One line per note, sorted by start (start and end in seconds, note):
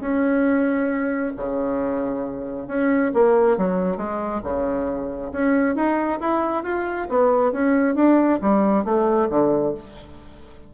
0.00 1.32 C#4
1.36 2.67 C#3
2.67 3.11 C#4
3.13 3.57 A#3
3.57 3.96 F#3
3.96 4.41 G#3
4.43 5.31 C#3
5.32 5.75 C#4
5.75 6.19 D#4
6.20 6.63 E4
6.63 7.07 F4
7.09 7.52 B3
7.52 7.95 C#4
7.95 8.39 D4
8.41 8.84 G3
8.84 9.28 A3
9.30 9.74 D3